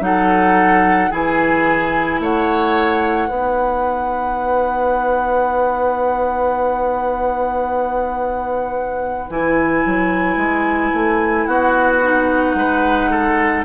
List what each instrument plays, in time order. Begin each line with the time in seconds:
0.00 bassoon F#3, clarinet D#4, oboe A4, flute F#5
1.10 bassoon E3, clarinet E4, oboe G#4, flute G#5
2.20 bassoon A3, oboe C#5, flute F#5
3.28 bassoon B3, clarinet D#4, oboe B4
9.29 bassoon E3, clarinet E4, flute G#5
9.86 bassoon F#3
10.36 bassoon G#3
10.94 bassoon A3
11.46 bassoon B3, oboe F#4, flute F#5
12.03 clarinet D#4
12.55 bassoon G#3, oboe B4
13.10 oboe A4